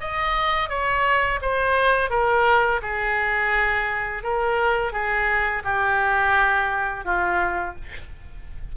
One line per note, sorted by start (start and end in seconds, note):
0.00 0.69 D#5
0.69 1.39 C#5
1.41 2.10 C5
2.10 2.80 A#4
2.81 4.23 G#4
4.23 4.92 A#4
4.92 5.62 G#4
5.64 7.04 G4
7.04 7.75 F4